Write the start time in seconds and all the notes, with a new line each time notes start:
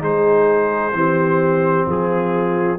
0.00 G#3 D#4 G#4 C5
0.93 E3 C4 G4
1.87 F3 F4 G#4